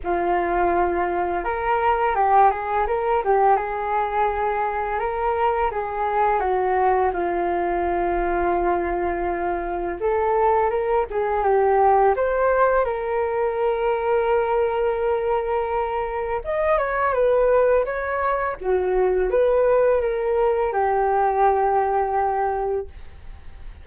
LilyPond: \new Staff \with { instrumentName = "flute" } { \time 4/4 \tempo 4 = 84 f'2 ais'4 g'8 gis'8 | ais'8 g'8 gis'2 ais'4 | gis'4 fis'4 f'2~ | f'2 a'4 ais'8 gis'8 |
g'4 c''4 ais'2~ | ais'2. dis''8 cis''8 | b'4 cis''4 fis'4 b'4 | ais'4 g'2. | }